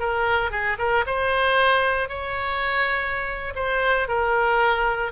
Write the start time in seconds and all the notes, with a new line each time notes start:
0.00 A#4
0.51 G#4
0.79 A#4
1.07 C5
2.09 C#5
3.56 C5
4.08 A#4